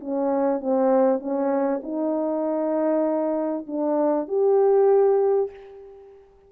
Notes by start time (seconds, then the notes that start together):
0.00 C#4
0.60 C4
1.20 C#4
1.83 D#4
3.67 D4
4.28 G4